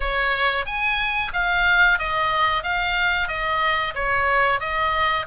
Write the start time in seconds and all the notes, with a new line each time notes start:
0.00 C#5
0.65 G#5
1.33 F5
1.98 D#5
2.63 F5
3.28 D#5
3.94 C#5
4.59 D#5